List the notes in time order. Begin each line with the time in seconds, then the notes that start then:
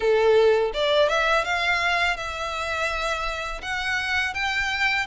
0.00 A4
0.73 D5
1.08 E5
1.44 F5
2.17 E5
3.61 F#5
4.34 G5